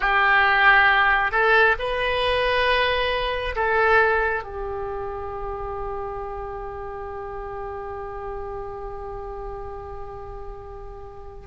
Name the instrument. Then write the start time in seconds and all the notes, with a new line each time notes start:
oboe
0.00 G4
1.31 A4
1.78 B4
3.55 A4
4.43 G4